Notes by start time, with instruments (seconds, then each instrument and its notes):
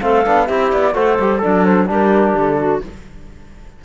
0.00 cello A3, trombone C4, clarinet A4, flute F5
0.25 cello B3, trombone D4
0.47 cello C4, trombone E4, clarinet G4, flute E5
0.72 cello B3, flute D5
0.93 cello A3, trombone F#4, clarinet A4, flute C5
1.19 cello G3, trombone G4
1.38 clarinet D4, trombone A4, flute D5
1.46 cello F#3
1.65 flute C5
1.87 cello G3, trombone D4, clarinet G4, flute A#4
2.34 cello D3, flute A4
2.58 clarinet F#4